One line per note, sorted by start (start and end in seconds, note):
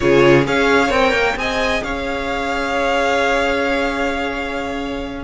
0.00 0.46 C#3
0.00 0.44 F4
0.00 0.47 G#4
0.00 0.45 C#5
0.44 0.90 C#4
0.44 0.89 G#4
0.44 1.38 C#5
0.44 0.92 F5
0.89 1.12 C4
0.89 1.35 A#4
0.89 1.38 G5
1.12 1.35 A#3
1.36 1.81 C4
1.36 5.24 G#4
1.36 1.84 D#5
1.36 1.83 G#5
1.83 5.24 C#4
1.83 5.24 C#5
1.83 5.24 F5